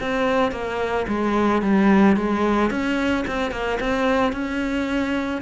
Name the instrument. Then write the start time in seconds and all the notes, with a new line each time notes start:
cello
0.00 C4
0.51 A#3
1.08 G#3
1.62 G3
2.16 G#3
2.70 C#4
3.27 C4
3.51 A#3
3.80 C4
4.32 C#4